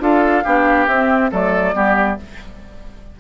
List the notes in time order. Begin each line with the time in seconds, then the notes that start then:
0.00 D4 F4 A4 F5
0.44 B3 D4 G4
0.88 C4 E5
1.31 F#3 A3 A4 D5
1.74 G3 B3 G4